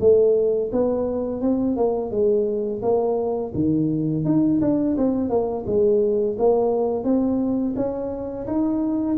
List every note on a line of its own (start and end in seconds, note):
0.00 0.71 A3
0.72 1.41 B3
1.41 1.76 C4
1.76 2.10 A#3
2.10 2.81 G#3
2.82 3.53 A#3
3.54 4.24 D#3
4.25 4.60 D#4
4.61 4.96 D4
4.97 5.29 C4
5.29 5.65 A#3
5.66 6.37 G#3
6.38 7.04 A#3
7.04 7.75 C4
7.76 8.46 C#4
8.46 9.17 D#4